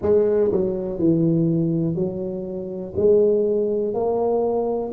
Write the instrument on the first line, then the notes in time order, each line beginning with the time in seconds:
tuba
0.01 G#3
0.51 F#3
0.98 E3
1.95 F#3
2.96 G#3
3.93 A#3